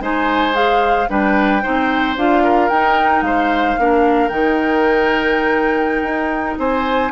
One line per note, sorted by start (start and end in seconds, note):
0.00 1.07 G#3
0.00 0.52 D#4
0.00 1.09 C5
0.00 0.55 G#5
0.52 1.06 G#4
0.52 1.09 F5
1.09 1.63 G3
1.09 1.62 D4
1.09 1.62 B4
1.09 2.17 G5
1.62 2.16 C4
1.62 2.16 D#4
1.62 2.43 C5
2.16 2.70 D4
2.16 2.71 F4
2.16 2.69 F5
2.43 3.24 A#4
2.69 3.21 D#4
2.69 3.78 D#4
2.69 3.22 G5
3.21 3.75 G#3
3.21 3.80 C5
3.21 4.28 F5
3.78 4.30 A#3
3.78 4.29 D4
3.78 6.58 A#4
4.28 6.02 D#3
4.28 7.11 D#4
4.28 6.56 G5
6.02 6.56 D#4
6.58 7.11 C4
6.58 7.11 C5
6.58 7.11 G#5